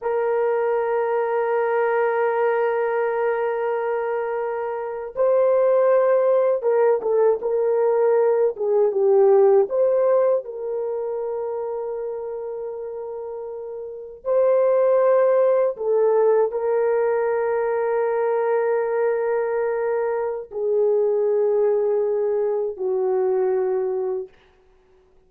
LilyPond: \new Staff \with { instrumentName = "horn" } { \time 4/4 \tempo 4 = 79 ais'1~ | ais'2~ ais'8. c''4~ c''16~ | c''8. ais'8 a'8 ais'4. gis'8 g'16~ | g'8. c''4 ais'2~ ais'16~ |
ais'2~ ais'8. c''4~ c''16~ | c''8. a'4 ais'2~ ais'16~ | ais'2. gis'4~ | gis'2 fis'2 | }